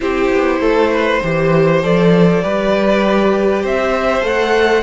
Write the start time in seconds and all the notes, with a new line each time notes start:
0.00 C4 E4 G4 C5
0.32 B3
0.60 A3 A4
0.92 B4
1.23 E3 G4 C5
1.82 F3 A4 D5
2.43 G3 G4 B4
3.62 C4 C5 E5
4.21 A3 A4 F#5